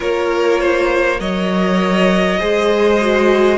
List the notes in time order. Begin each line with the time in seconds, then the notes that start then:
0.00 A#3 F4 A#4 C#5
0.60 C5
1.18 F#3 A#4 C#5 D#5
2.39 G#3 G#4 C5
3.00 F#4